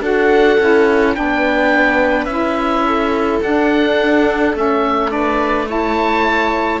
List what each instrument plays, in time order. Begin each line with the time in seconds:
0.00 cello D4, saxophone F#4, viola A4, oboe F#5
0.59 cello C#4, saxophone E4
1.14 cello B3, saxophone D4, viola B4, oboe G5
2.25 cello C#4, saxophone E4, oboe E5
2.85 viola A4
3.42 cello D4, saxophone D4, oboe F#5
4.53 cello A3, saxophone C#4, oboe E5
5.09 saxophone D4, viola B4, oboe D5
5.66 saxophone E4, viola C#5, oboe A5